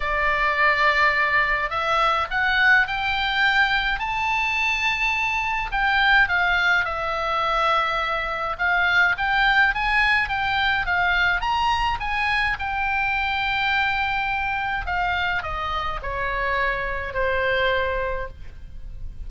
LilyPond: \new Staff \with { instrumentName = "oboe" } { \time 4/4 \tempo 4 = 105 d''2. e''4 | fis''4 g''2 a''4~ | a''2 g''4 f''4 | e''2. f''4 |
g''4 gis''4 g''4 f''4 | ais''4 gis''4 g''2~ | g''2 f''4 dis''4 | cis''2 c''2 | }